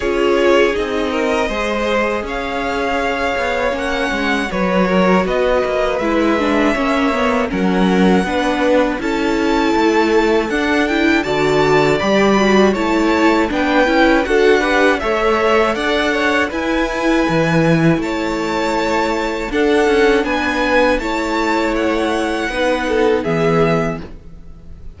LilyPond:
<<
  \new Staff \with { instrumentName = "violin" } { \time 4/4 \tempo 4 = 80 cis''4 dis''2 f''4~ | f''4 fis''4 cis''4 dis''4 | e''2 fis''2 | a''2 fis''8 g''8 a''4 |
b''4 a''4 g''4 fis''4 | e''4 fis''4 gis''2 | a''2 fis''4 gis''4 | a''4 fis''2 e''4 | }
  \new Staff \with { instrumentName = "violin" } { \time 4/4 gis'4. ais'8 c''4 cis''4~ | cis''2 b'8 ais'8 b'4~ | b'4 cis''4 ais'4 b'4 | a'2. d''4~ |
d''4 cis''4 b'4 a'8 b'8 | cis''4 d''8 cis''8 b'2 | cis''2 a'4 b'4 | cis''2 b'8 a'8 gis'4 | }
  \new Staff \with { instrumentName = "viola" } { \time 4/4 f'4 dis'4 gis'2~ | gis'4 cis'4 fis'2 | e'8 d'8 cis'8 b8 cis'4 d'4 | e'2 d'8 e'8 fis'4 |
g'8 fis'8 e'4 d'8 e'8 fis'8 g'8 | a'2 e'2~ | e'2 d'2 | e'2 dis'4 b4 | }
  \new Staff \with { instrumentName = "cello" } { \time 4/4 cis'4 c'4 gis4 cis'4~ | cis'8 b8 ais8 gis8 fis4 b8 ais8 | gis4 ais4 fis4 b4 | cis'4 a4 d'4 d4 |
g4 a4 b8 cis'8 d'4 | a4 d'4 e'4 e4 | a2 d'8 cis'8 b4 | a2 b4 e4 | }
>>